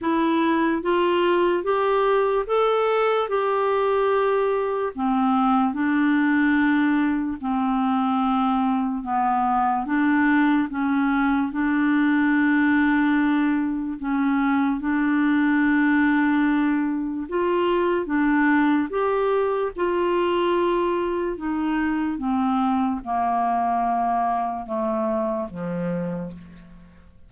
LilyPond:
\new Staff \with { instrumentName = "clarinet" } { \time 4/4 \tempo 4 = 73 e'4 f'4 g'4 a'4 | g'2 c'4 d'4~ | d'4 c'2 b4 | d'4 cis'4 d'2~ |
d'4 cis'4 d'2~ | d'4 f'4 d'4 g'4 | f'2 dis'4 c'4 | ais2 a4 f4 | }